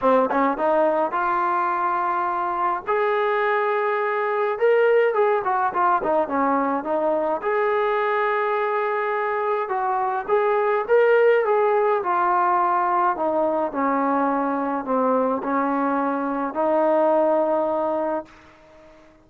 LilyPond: \new Staff \with { instrumentName = "trombone" } { \time 4/4 \tempo 4 = 105 c'8 cis'8 dis'4 f'2~ | f'4 gis'2. | ais'4 gis'8 fis'8 f'8 dis'8 cis'4 | dis'4 gis'2.~ |
gis'4 fis'4 gis'4 ais'4 | gis'4 f'2 dis'4 | cis'2 c'4 cis'4~ | cis'4 dis'2. | }